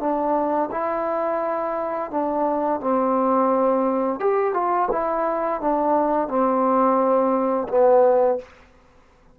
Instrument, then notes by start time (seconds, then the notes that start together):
trombone
0.00 D4
0.71 E4
2.11 D4
2.80 C4
4.20 G4
4.54 F4
4.92 E4
5.61 D4
6.28 C4
7.69 B3